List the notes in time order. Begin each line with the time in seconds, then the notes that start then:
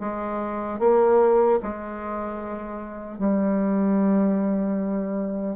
0.00 G#3
0.79 A#3
1.63 G#3
3.19 G3